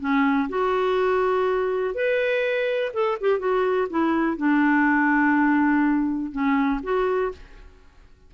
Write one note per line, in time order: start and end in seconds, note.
0.00 0.49 C#4
0.49 1.94 F#4
1.94 2.92 B4
2.93 3.18 A4
3.21 3.39 G4
3.39 3.88 F#4
3.90 4.37 E4
4.37 6.32 D4
6.32 6.80 C#4
6.83 7.32 F#4